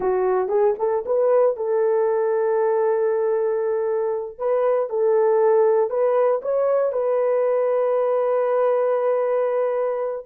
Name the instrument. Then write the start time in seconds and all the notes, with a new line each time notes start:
horn
0.00 F#4
0.48 G#4
0.78 A4
1.05 B4
1.56 A4
4.38 B4
4.89 A4
5.90 B4
6.42 C#5
6.92 B4